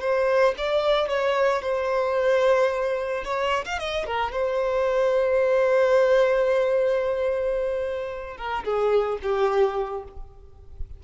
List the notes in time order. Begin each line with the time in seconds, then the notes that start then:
0.00 C5
0.57 D5
1.08 C#5
1.62 C5
3.24 C#5
3.65 F5
3.79 D#5
4.06 A#4
4.32 C5
8.37 A#4
8.64 G#4
9.22 G4